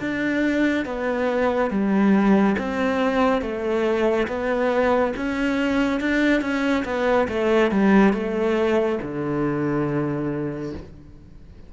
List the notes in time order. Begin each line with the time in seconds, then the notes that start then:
0.00 D4
0.85 B3
1.70 G3
2.58 C4
3.41 A3
4.27 B3
5.16 C#4
6.00 D4
6.41 C#4
6.85 B3
7.28 A3
7.71 G3
8.13 A3
9.02 D3